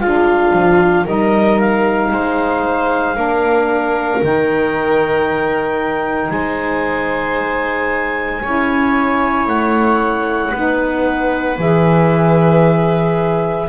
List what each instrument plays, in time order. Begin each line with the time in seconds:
0.00 double bass G#3, saxophone D4, viola F4, clarinet F5
0.53 double bass F3
1.05 double bass G3, saxophone D#4, viola A#4, clarinet D#5
1.60 clarinet F5
2.12 double bass G#3, viola C5
3.15 double bass A#3, saxophone D4, viola A#4
4.20 double bass D#3, saxophone D#4, clarinet G5
6.30 double bass G#3, viola C5, clarinet G#5
8.43 double bass C#4, saxophone E4, viola C#5
9.47 double bass A3, clarinet F#5
10.51 double bass B3, saxophone D#4, viola B4
11.58 double bass E3, saxophone G#4, clarinet E5